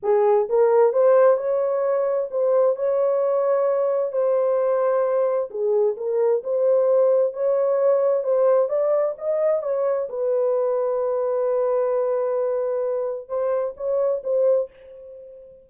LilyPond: \new Staff \with { instrumentName = "horn" } { \time 4/4 \tempo 4 = 131 gis'4 ais'4 c''4 cis''4~ | cis''4 c''4 cis''2~ | cis''4 c''2. | gis'4 ais'4 c''2 |
cis''2 c''4 d''4 | dis''4 cis''4 b'2~ | b'1~ | b'4 c''4 cis''4 c''4 | }